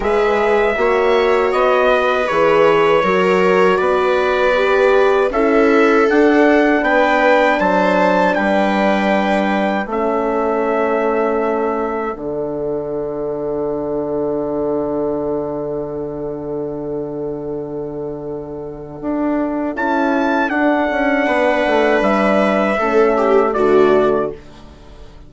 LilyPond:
<<
  \new Staff \with { instrumentName = "trumpet" } { \time 4/4 \tempo 4 = 79 e''2 dis''4 cis''4~ | cis''4 d''2 e''4 | fis''4 g''4 a''4 g''4~ | g''4 e''2. |
fis''1~ | fis''1~ | fis''2 a''4 fis''4~ | fis''4 e''2 d''4 | }
  \new Staff \with { instrumentName = "viola" } { \time 4/4 b'4 cis''4. b'4. | ais'4 b'2 a'4~ | a'4 b'4 c''4 b'4~ | b'4 a'2.~ |
a'1~ | a'1~ | a'1 | b'2 a'8 g'8 fis'4 | }
  \new Staff \with { instrumentName = "horn" } { \time 4/4 gis'4 fis'2 gis'4 | fis'2 g'4 e'4 | d'1~ | d'4 cis'2. |
d'1~ | d'1~ | d'2 e'4 d'4~ | d'2 cis'4 a4 | }
  \new Staff \with { instrumentName = "bassoon" } { \time 4/4 gis4 ais4 b4 e4 | fis4 b2 cis'4 | d'4 b4 fis4 g4~ | g4 a2. |
d1~ | d1~ | d4 d'4 cis'4 d'8 cis'8 | b8 a8 g4 a4 d4 | }
>>